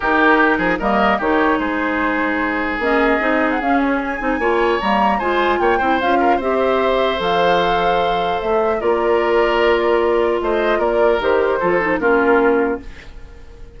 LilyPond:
<<
  \new Staff \with { instrumentName = "flute" } { \time 4/4 \tempo 4 = 150 ais'2 dis''4 cis''4 | c''2. dis''4~ | dis''8. fis''16 f''8 cis''8 gis''2 | ais''4 gis''4 g''4 f''4 |
e''2 f''2~ | f''4 e''4 d''2~ | d''2 dis''4 d''4 | c''2 ais'2 | }
  \new Staff \with { instrumentName = "oboe" } { \time 4/4 g'4. gis'8 ais'4 g'4 | gis'1~ | gis'2. cis''4~ | cis''4 c''4 cis''8 c''4 ais'8 |
c''1~ | c''2 ais'2~ | ais'2 c''4 ais'4~ | ais'4 a'4 f'2 | }
  \new Staff \with { instrumentName = "clarinet" } { \time 4/4 dis'2 ais4 dis'4~ | dis'2. cis'4 | dis'4 cis'4. dis'8 f'4 | ais4 f'4. e'8 f'4 |
g'2 a'2~ | a'2 f'2~ | f'1 | g'4 f'8 dis'8 cis'2 | }
  \new Staff \with { instrumentName = "bassoon" } { \time 4/4 dis4. f8 g4 dis4 | gis2. ais4 | c'4 cis'4. c'8 ais4 | g4 gis4 ais8 c'8 cis'4 |
c'2 f2~ | f4 a4 ais2~ | ais2 a4 ais4 | dis4 f4 ais2 | }
>>